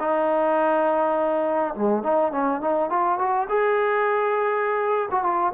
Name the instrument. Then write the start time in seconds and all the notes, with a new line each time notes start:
trombone
0.00 D#4
1.75 G#3
2.03 D#4
2.32 C#4
2.61 D#4
2.90 F4
3.19 F#4
3.49 G#4
5.11 F#4
5.23 F4